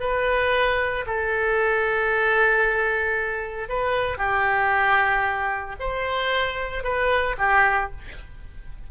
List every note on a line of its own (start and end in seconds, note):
0.00 1.05 B4
1.06 3.69 A4
3.69 4.18 B4
4.18 5.76 G4
5.80 6.83 C5
6.83 7.36 B4
7.38 7.91 G4